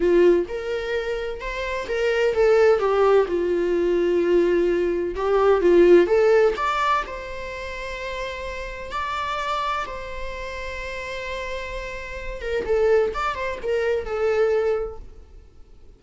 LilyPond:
\new Staff \with { instrumentName = "viola" } { \time 4/4 \tempo 4 = 128 f'4 ais'2 c''4 | ais'4 a'4 g'4 f'4~ | f'2. g'4 | f'4 a'4 d''4 c''4~ |
c''2. d''4~ | d''4 c''2.~ | c''2~ c''8 ais'8 a'4 | d''8 c''8 ais'4 a'2 | }